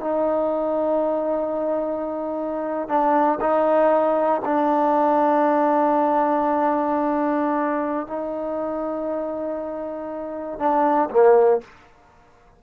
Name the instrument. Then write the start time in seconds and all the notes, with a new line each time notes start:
trombone
0.00 D#4
2.89 D4
3.41 D#4
4.45 D4
8.07 D#4
10.59 D4
11.10 A#3